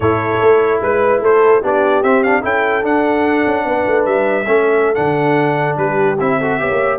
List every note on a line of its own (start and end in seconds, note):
0.00 0.38 A2
0.00 1.62 E4
0.00 0.81 A4
0.00 0.81 C#5
0.41 0.81 A3
0.81 1.20 G#3
0.81 1.22 B4
1.20 1.61 A3
1.20 1.61 A4
1.20 1.64 C5
1.61 2.02 B3
1.61 2.03 D4
1.61 2.42 G4
1.61 2.03 D5
2.02 2.43 C4
2.02 2.24 C4
2.02 2.23 E5
2.23 2.42 D4
2.23 2.43 F5
2.42 2.83 C#4
2.42 2.82 E4
2.42 3.65 A4
2.42 2.85 G5
2.82 4.44 D4
2.82 3.44 D4
2.82 4.05 F#5
3.46 3.65 C#4
3.65 3.85 B3
3.65 4.47 B4
3.86 4.05 A3
4.05 4.46 G3
4.05 4.95 E5
4.46 4.97 A3
4.46 4.94 C#4
4.46 5.79 A4
4.94 5.76 D3
4.94 6.16 D4
4.94 5.76 F#5
5.76 6.17 G3
5.76 6.39 G4
5.76 6.18 B4
6.19 6.60 C4
6.19 6.41 E4
6.19 6.99 E5
6.39 6.59 F#4
6.39 6.59 A4
6.59 6.70 B3
6.59 6.99 G4
6.59 6.99 C#5
6.70 6.99 A#3